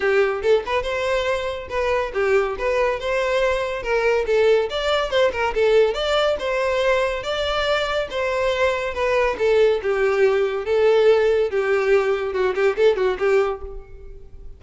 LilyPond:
\new Staff \with { instrumentName = "violin" } { \time 4/4 \tempo 4 = 141 g'4 a'8 b'8 c''2 | b'4 g'4 b'4 c''4~ | c''4 ais'4 a'4 d''4 | c''8 ais'8 a'4 d''4 c''4~ |
c''4 d''2 c''4~ | c''4 b'4 a'4 g'4~ | g'4 a'2 g'4~ | g'4 fis'8 g'8 a'8 fis'8 g'4 | }